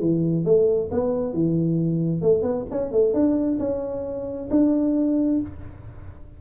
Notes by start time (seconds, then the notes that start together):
0.00 E3
0.44 A3
0.91 B3
1.33 E3
2.22 A3
2.42 B3
2.70 C#4
2.92 A3
3.13 D4
3.59 C#4
4.50 D4